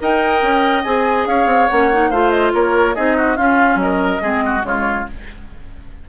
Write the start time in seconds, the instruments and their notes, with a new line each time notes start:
0.00 bassoon D#4, clarinet A#4, oboe D#5, flute G5
0.42 bassoon C#4
0.84 bassoon C4, clarinet G#4, flute G#5
1.26 bassoon C#4, oboe C#5, flute F5
1.46 bassoon C4
1.68 bassoon A#3, clarinet C#4, flute F#5
1.92 clarinet D#4
2.10 bassoon A3, clarinet F4, oboe C5, flute F5
2.30 flute D#5
2.54 bassoon A#3, oboe A#4, flute C#5
2.95 bassoon C4, clarinet D#4, oboe G#4, flute D#5
3.17 oboe F#4
3.36 clarinet C#4, bassoon C#4, oboe F4, flute F5
3.75 bassoon F#3, flute D#5
3.82 oboe A#4
4.22 bassoon G#3, clarinet C4, oboe G#4
4.45 oboe F#4
4.61 bassoon C#3, clarinet G#3, oboe F4, flute C#5